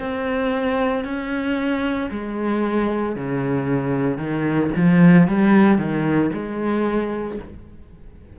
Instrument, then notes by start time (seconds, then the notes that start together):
cello
0.00 C4
1.05 C#4
2.11 G#3
3.16 C#3
4.18 D#3
4.77 F3
5.28 G3
5.78 D#3
6.33 G#3